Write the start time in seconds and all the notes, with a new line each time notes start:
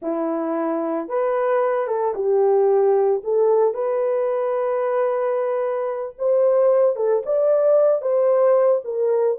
0.02 E4
1.08 B4
1.87 A4
2.14 G4
3.23 A4
3.74 B4
6.18 C5
6.95 A4
7.25 D5
8.01 C5
8.84 A#4